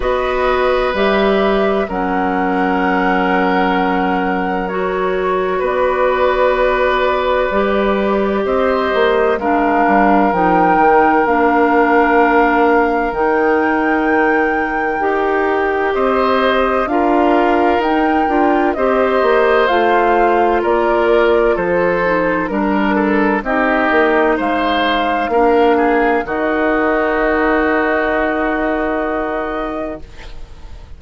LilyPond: <<
  \new Staff \with { instrumentName = "flute" } { \time 4/4 \tempo 4 = 64 dis''4 e''4 fis''2~ | fis''4 cis''4 d''2~ | d''4 dis''4 f''4 g''4 | f''2 g''2~ |
g''4 dis''4 f''4 g''4 | dis''4 f''4 d''4 c''4 | ais'4 dis''4 f''2 | dis''1 | }
  \new Staff \with { instrumentName = "oboe" } { \time 4/4 b'2 ais'2~ | ais'2 b'2~ | b'4 c''4 ais'2~ | ais'1~ |
ais'4 c''4 ais'2 | c''2 ais'4 a'4 | ais'8 a'8 g'4 c''4 ais'8 gis'8 | fis'1 | }
  \new Staff \with { instrumentName = "clarinet" } { \time 4/4 fis'4 g'4 cis'2~ | cis'4 fis'2. | g'2 d'4 dis'4 | d'2 dis'2 |
g'2 f'4 dis'8 f'8 | g'4 f'2~ f'8 dis'8 | d'4 dis'2 d'4 | dis'1 | }
  \new Staff \with { instrumentName = "bassoon" } { \time 4/4 b4 g4 fis2~ | fis2 b2 | g4 c'8 ais8 gis8 g8 f8 dis8 | ais2 dis2 |
dis'4 c'4 d'4 dis'8 d'8 | c'8 ais8 a4 ais4 f4 | g4 c'8 ais8 gis4 ais4 | dis1 | }
>>